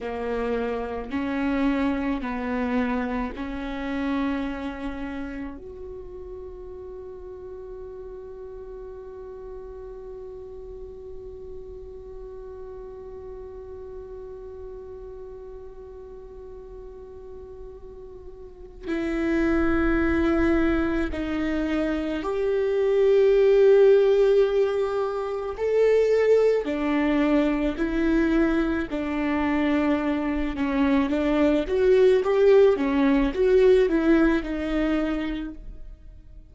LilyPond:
\new Staff \with { instrumentName = "viola" } { \time 4/4 \tempo 4 = 54 ais4 cis'4 b4 cis'4~ | cis'4 fis'2.~ | fis'1~ | fis'1~ |
fis'4 e'2 dis'4 | g'2. a'4 | d'4 e'4 d'4. cis'8 | d'8 fis'8 g'8 cis'8 fis'8 e'8 dis'4 | }